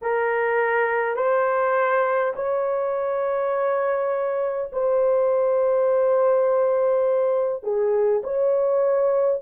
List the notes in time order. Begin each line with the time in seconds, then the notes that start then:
0.01 A#4
1.16 C5
2.35 C#5
4.72 C5
7.63 G#4
8.24 C#5